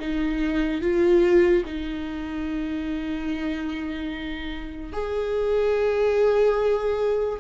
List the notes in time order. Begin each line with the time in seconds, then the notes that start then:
0.00 D#4
0.81 F4
1.66 D#4
4.93 G#4